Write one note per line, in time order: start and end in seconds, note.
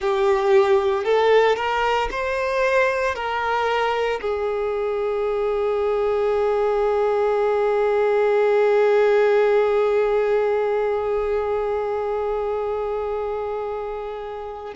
0.00 1.04 G4
1.04 1.56 A4
1.56 2.08 A#4
2.11 3.15 C5
3.15 4.20 A#4
4.21 14.74 G#4